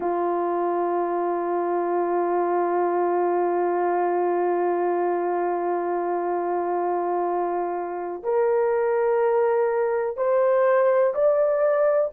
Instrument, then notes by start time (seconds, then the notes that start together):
horn
0.00 F4
8.23 A#4
10.16 C5
11.14 D5